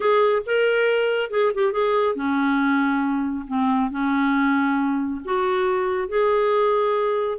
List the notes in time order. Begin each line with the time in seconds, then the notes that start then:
0.00 G#4
0.46 A#4
1.30 G#4
1.54 G4
1.72 G#4
2.15 C#4
3.47 C4
3.90 C#4
5.24 F#4
6.08 G#4